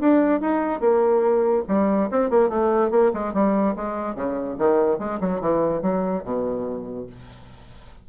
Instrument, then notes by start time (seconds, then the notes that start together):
bassoon
0.00 D4
0.41 D#4
0.80 A#3
1.68 G3
2.11 C4
2.30 A#3
2.49 A3
2.91 A#3
3.13 G#3
3.34 G3
3.76 G#3
4.15 C#3
4.59 D#3
4.99 G#3
5.21 F#3
5.41 E3
5.82 F#3
6.23 B2